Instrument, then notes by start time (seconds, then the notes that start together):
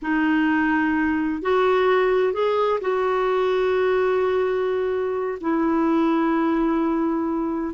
clarinet
0.02 D#4
1.42 F#4
2.33 G#4
2.80 F#4
5.41 E4